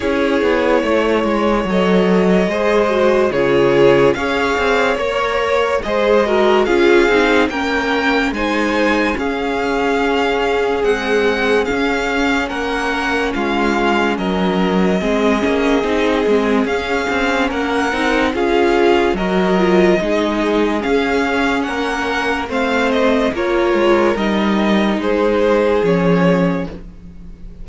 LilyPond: <<
  \new Staff \with { instrumentName = "violin" } { \time 4/4 \tempo 4 = 72 cis''2 dis''2 | cis''4 f''4 cis''4 dis''4 | f''4 g''4 gis''4 f''4~ | f''4 fis''4 f''4 fis''4 |
f''4 dis''2. | f''4 fis''4 f''4 dis''4~ | dis''4 f''4 fis''4 f''8 dis''8 | cis''4 dis''4 c''4 cis''4 | }
  \new Staff \with { instrumentName = "violin" } { \time 4/4 gis'4 cis''2 c''4 | gis'4 cis''2 c''8 ais'8 | gis'4 ais'4 c''4 gis'4~ | gis'2. ais'4 |
f'4 ais'4 gis'2~ | gis'4 ais'4 gis'4 ais'4 | gis'2 ais'4 c''4 | ais'2 gis'2 | }
  \new Staff \with { instrumentName = "viola" } { \time 4/4 e'2 a'4 gis'8 fis'8 | f'4 gis'4 ais'4 gis'8 fis'8 | f'8 dis'8 cis'4 dis'4 cis'4~ | cis'4 gis4 cis'2~ |
cis'2 c'8 cis'8 dis'8 c'8 | cis'4. dis'8 f'4 fis'8 f'8 | dis'4 cis'2 c'4 | f'4 dis'2 cis'4 | }
  \new Staff \with { instrumentName = "cello" } { \time 4/4 cis'8 b8 a8 gis8 fis4 gis4 | cis4 cis'8 c'8 ais4 gis4 | cis'8 c'8 ais4 gis4 cis'4~ | cis'4 c'4 cis'4 ais4 |
gis4 fis4 gis8 ais8 c'8 gis8 | cis'8 c'8 ais8 c'8 cis'4 fis4 | gis4 cis'4 ais4 a4 | ais8 gis8 g4 gis4 f4 | }
>>